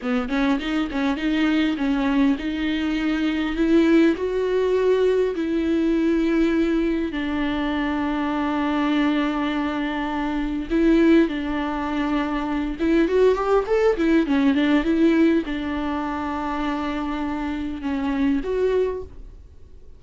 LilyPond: \new Staff \with { instrumentName = "viola" } { \time 4/4 \tempo 4 = 101 b8 cis'8 dis'8 cis'8 dis'4 cis'4 | dis'2 e'4 fis'4~ | fis'4 e'2. | d'1~ |
d'2 e'4 d'4~ | d'4. e'8 fis'8 g'8 a'8 e'8 | cis'8 d'8 e'4 d'2~ | d'2 cis'4 fis'4 | }